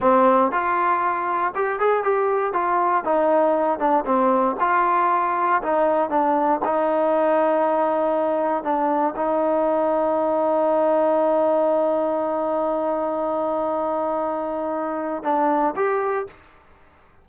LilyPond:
\new Staff \with { instrumentName = "trombone" } { \time 4/4 \tempo 4 = 118 c'4 f'2 g'8 gis'8 | g'4 f'4 dis'4. d'8 | c'4 f'2 dis'4 | d'4 dis'2.~ |
dis'4 d'4 dis'2~ | dis'1~ | dis'1~ | dis'2 d'4 g'4 | }